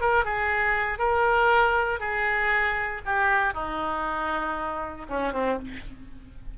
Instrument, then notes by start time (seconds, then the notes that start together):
oboe
0.00 A#4
0.24 G#4
0.98 A#4
1.99 G#4
3.05 G4
3.53 D#4
5.09 C#4
5.32 C4